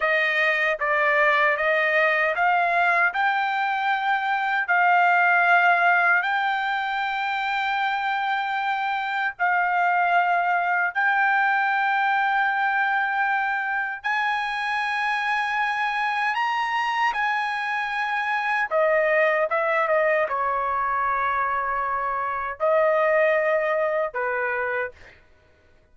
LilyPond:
\new Staff \with { instrumentName = "trumpet" } { \time 4/4 \tempo 4 = 77 dis''4 d''4 dis''4 f''4 | g''2 f''2 | g''1 | f''2 g''2~ |
g''2 gis''2~ | gis''4 ais''4 gis''2 | dis''4 e''8 dis''8 cis''2~ | cis''4 dis''2 b'4 | }